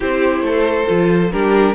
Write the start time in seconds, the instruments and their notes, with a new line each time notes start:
0.00 cello C4, viola E4, violin G4 C5
0.40 cello A3, violin A4
0.86 cello F3, viola F4
1.31 cello G3, viola D4, violin G4 A#4